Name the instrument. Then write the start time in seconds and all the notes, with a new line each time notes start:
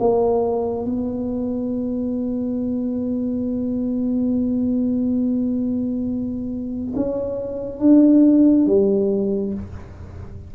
tuba
0.00 A#3
0.86 B3
6.96 C#4
7.80 D4
8.67 G3